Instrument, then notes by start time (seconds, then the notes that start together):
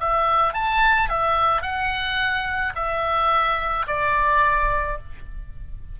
oboe
0.00 E5
0.54 A5
1.09 E5
1.62 F#5
2.75 E5
3.87 D5